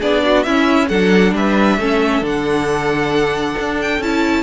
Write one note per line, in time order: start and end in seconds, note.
0.00 0.46 B3
0.00 0.46 D4
0.00 0.22 G#4
0.00 0.43 D5
0.25 0.46 F#4
0.43 0.91 C#4
0.43 0.90 C#4
0.43 0.89 E4
0.43 0.88 E5
0.89 1.33 F#3
0.89 1.80 D4
0.89 1.34 A4
0.89 1.34 F#5
1.33 1.78 G3
1.33 1.79 B4
1.33 2.25 E5
1.78 2.22 A3
1.78 2.23 C#4
1.78 4.43 A4
2.22 3.55 D3
2.22 4.00 D4
2.22 3.82 F#5
3.59 3.99 D4
3.82 4.03 G5
3.99 4.43 C#4
3.99 4.43 E4
3.99 4.43 A5